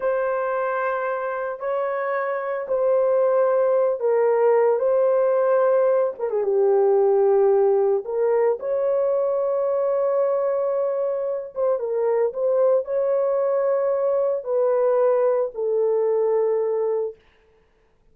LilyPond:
\new Staff \with { instrumentName = "horn" } { \time 4/4 \tempo 4 = 112 c''2. cis''4~ | cis''4 c''2~ c''8 ais'8~ | ais'4 c''2~ c''8 ais'16 gis'16 | g'2. ais'4 |
cis''1~ | cis''4. c''8 ais'4 c''4 | cis''2. b'4~ | b'4 a'2. | }